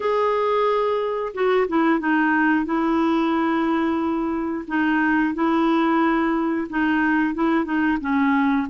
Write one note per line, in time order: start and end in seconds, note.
0.00 1.32 G#4
1.34 1.67 F#4
1.68 1.99 E4
1.99 2.65 D#4
2.65 4.65 E4
4.67 5.34 D#4
5.34 6.67 E4
6.69 7.34 D#4
7.34 7.64 E4
7.64 7.98 D#4
8.00 8.67 C#4